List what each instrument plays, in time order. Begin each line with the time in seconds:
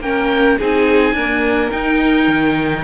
0.00 cello A#3, viola C#4, violin A#4, oboe G5
0.59 cello C4, viola D#4, violin G#4, oboe G#5
1.13 viola A#3, cello D4, violin A#4
1.72 viola D#4, cello D#4, oboe G5
2.28 cello D#3